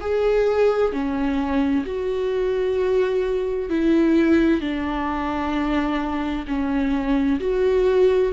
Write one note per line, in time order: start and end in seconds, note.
0.00 0.92 G#4
0.92 1.85 C#4
1.85 3.69 F#4
3.69 4.61 E4
4.61 6.45 D4
6.47 7.40 C#4
7.40 8.32 F#4